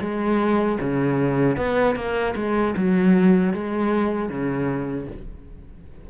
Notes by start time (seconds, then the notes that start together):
0.00 G#3
0.80 C#3
1.56 B3
1.95 A#3
2.35 G#3
2.76 F#3
3.53 G#3
4.29 C#3